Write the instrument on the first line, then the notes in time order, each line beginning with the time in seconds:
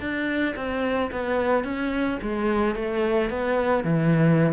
cello
0.00 D4
0.56 C4
1.12 B3
1.64 C#4
2.22 G#3
2.75 A3
3.30 B3
3.84 E3